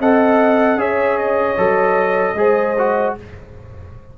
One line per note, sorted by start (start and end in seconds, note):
0.00 0.76 C4
0.00 0.78 A4
0.00 0.79 D#5
0.00 0.80 F#5
0.76 1.55 C#4
0.76 1.57 G#4
0.76 2.37 C#5
0.76 1.18 E5
1.18 3.16 D#5
1.58 2.35 F#3
1.58 2.37 A4
2.35 3.14 G#3
2.35 2.77 G#4
2.35 3.18 C5
2.79 3.18 F#4